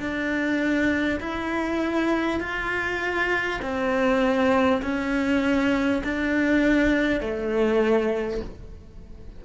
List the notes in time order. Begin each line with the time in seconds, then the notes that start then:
0.00 D4
1.21 E4
2.41 F4
3.62 C4
4.82 C#4
6.04 D4
7.21 A3